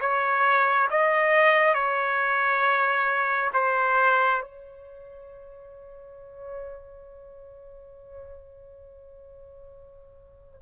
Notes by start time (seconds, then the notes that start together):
0.00 C#5
0.90 D#5
1.74 C#5
3.53 C5
4.42 C#5